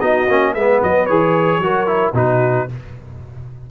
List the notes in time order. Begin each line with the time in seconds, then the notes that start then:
0.00 B3 D#4 F#4 D#5
0.28 A#3 C#4
0.53 G#3 B3 B4 E5
0.83 F#3 D#5
1.06 E3 G#4 C#5
1.58 F#3 F#4 A#4
1.87 E4
2.13 B2 D#4 F#4 B4